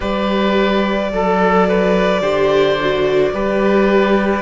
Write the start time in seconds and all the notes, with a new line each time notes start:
0.00 G3 G4 B4 D5
1.12 F#3 A4
1.68 B4
2.21 D3 G4 C5
2.80 F#4
3.34 G3 G4 B4